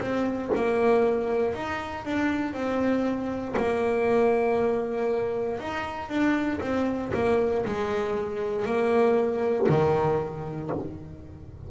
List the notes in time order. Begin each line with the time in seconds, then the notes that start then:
0.00 C4
0.55 A#3
1.54 D#4
2.04 D4
2.53 C4
3.56 A#3
5.59 D#4
6.08 D4
6.61 C4
7.13 A#3
7.65 G#3
8.65 A#3
9.68 D#3